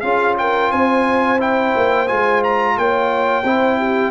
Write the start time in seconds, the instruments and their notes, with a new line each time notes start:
0.00 tuba C#4, trombone F4, horn G#4, trumpet F5
0.37 horn A#4, trumpet G5
0.71 tuba C4, horn C5, trumpet G#5
1.38 trombone E4, trumpet G5
1.76 tuba A#3
2.07 tuba G#3, trombone F4, trumpet G#5
2.43 trumpet A#5
2.77 tuba A#3, horn C#5, trumpet G5
3.43 tuba C4, trombone E4, horn C5
3.77 horn G4